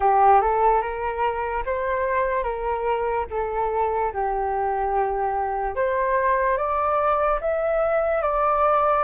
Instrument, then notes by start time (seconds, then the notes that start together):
flute
0.00 G4
0.41 A4
0.81 A#4
1.65 C5
2.43 A#4
3.30 A4
4.12 G4
5.75 C5
6.57 D5
7.40 E5
8.22 D5